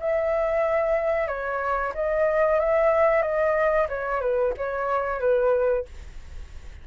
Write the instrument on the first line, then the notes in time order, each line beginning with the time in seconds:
flute
0.00 E5
1.27 C#5
1.94 D#5
2.59 E5
3.22 D#5
3.88 C#5
4.21 B4
4.57 C#5
5.20 B4